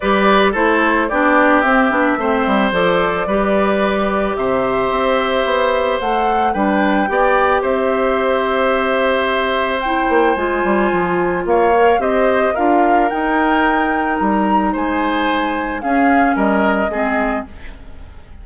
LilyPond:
<<
  \new Staff \with { instrumentName = "flute" } { \time 4/4 \tempo 4 = 110 d''4 c''4 d''4 e''4~ | e''4 d''2. | e''2. fis''4 | g''2 e''2~ |
e''2 g''4 gis''4~ | gis''4 f''4 dis''4 f''4 | g''2 ais''4 gis''4~ | gis''4 f''4 dis''2 | }
  \new Staff \with { instrumentName = "oboe" } { \time 4/4 b'4 a'4 g'2 | c''2 b'2 | c''1 | b'4 d''4 c''2~ |
c''1~ | c''4 cis''4 c''4 ais'4~ | ais'2. c''4~ | c''4 gis'4 ais'4 gis'4 | }
  \new Staff \with { instrumentName = "clarinet" } { \time 4/4 g'4 e'4 d'4 c'8 d'8 | c'4 a'4 g'2~ | g'2. a'4 | d'4 g'2.~ |
g'2 e'4 f'4~ | f'4. ais'8 g'4 f'4 | dis'1~ | dis'4 cis'2 c'4 | }
  \new Staff \with { instrumentName = "bassoon" } { \time 4/4 g4 a4 b4 c'8 b8 | a8 g8 f4 g2 | c4 c'4 b4 a4 | g4 b4 c'2~ |
c'2~ c'8 ais8 gis8 g8 | f4 ais4 c'4 d'4 | dis'2 g4 gis4~ | gis4 cis'4 g4 gis4 | }
>>